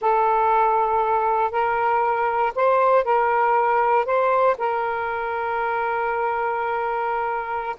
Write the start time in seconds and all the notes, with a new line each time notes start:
0.01 A4
1.51 A#4
2.55 C5
3.04 A#4
4.05 C5
4.58 A#4